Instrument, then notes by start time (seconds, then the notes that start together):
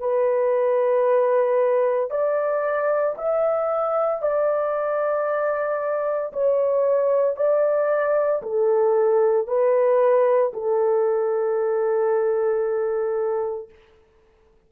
horn
0.00 B4
2.11 D5
3.18 E5
4.22 D5
6.33 C#5
7.37 D5
8.43 A4
9.47 B4
10.53 A4